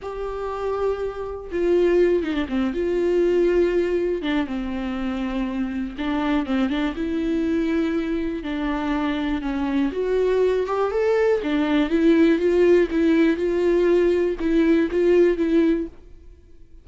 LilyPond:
\new Staff \with { instrumentName = "viola" } { \time 4/4 \tempo 4 = 121 g'2. f'4~ | f'8 dis'16 d'16 c'8 f'2~ f'8~ | f'8 d'8 c'2. | d'4 c'8 d'8 e'2~ |
e'4 d'2 cis'4 | fis'4. g'8 a'4 d'4 | e'4 f'4 e'4 f'4~ | f'4 e'4 f'4 e'4 | }